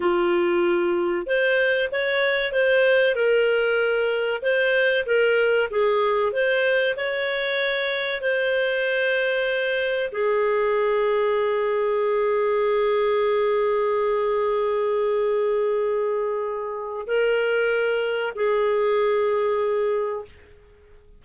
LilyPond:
\new Staff \with { instrumentName = "clarinet" } { \time 4/4 \tempo 4 = 95 f'2 c''4 cis''4 | c''4 ais'2 c''4 | ais'4 gis'4 c''4 cis''4~ | cis''4 c''2. |
gis'1~ | gis'1~ | gis'2. ais'4~ | ais'4 gis'2. | }